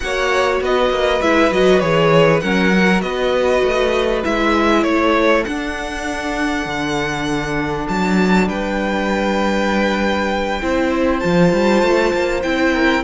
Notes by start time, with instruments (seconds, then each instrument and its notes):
0.00 cello A#3, viola F#4, violin C#5 F#5
0.60 cello B3, violin B4 D#5
0.90 cello A#3
1.21 cello G#3, viola E4, violin E5
1.50 cello F#3, viola F#4, violin D#5
1.79 cello E3, viola G#4, violin C#5
2.40 cello F#3, viola C#4, violin A#4 F#5
2.74 viola F#4
3.01 cello B3, violin B4 D#5
3.63 cello A3
4.23 cello G#3, viola E4, violin E5
4.83 cello A3, violin A4 C#5
5.44 viola D4, cello D4, violin F#5
6.65 cello D3
7.87 cello F#3, violin A5
8.48 cello G3, violin B4 G5
10.61 cello C4, viola E4, violin C5
11.19 cello F3, viola F4, violin A5
11.53 cello G3
11.83 cello A3
12.13 cello A#3
12.42 cello C4, viola E4, violin G5
12.73 violin A#4